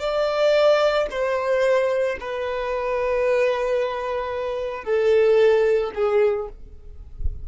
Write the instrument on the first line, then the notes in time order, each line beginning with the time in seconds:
violin
0.00 D5
1.11 C5
2.21 B4
4.85 A4
5.95 G#4